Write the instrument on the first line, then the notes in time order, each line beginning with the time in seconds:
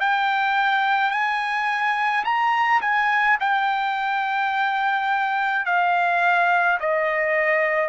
trumpet
0.00 G5
1.11 G#5
2.24 A#5
2.81 G#5
3.40 G5
5.66 F5
6.80 D#5